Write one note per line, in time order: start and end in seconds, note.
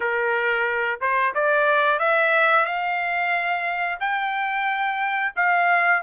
0.00 0.99 A#4
1.00 1.34 C5
1.34 1.98 D5
1.98 2.65 E5
2.65 3.98 F5
4.00 5.33 G5
5.35 6.02 F5